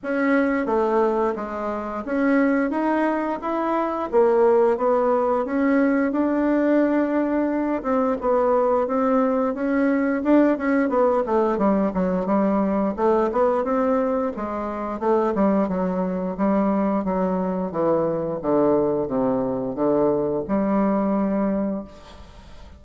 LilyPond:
\new Staff \with { instrumentName = "bassoon" } { \time 4/4 \tempo 4 = 88 cis'4 a4 gis4 cis'4 | dis'4 e'4 ais4 b4 | cis'4 d'2~ d'8 c'8 | b4 c'4 cis'4 d'8 cis'8 |
b8 a8 g8 fis8 g4 a8 b8 | c'4 gis4 a8 g8 fis4 | g4 fis4 e4 d4 | c4 d4 g2 | }